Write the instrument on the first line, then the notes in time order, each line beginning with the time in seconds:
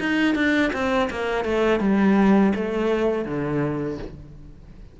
cello
0.00 D#4
0.35 D4
0.73 C4
1.10 A#3
1.45 A3
1.80 G3
2.55 A3
3.25 D3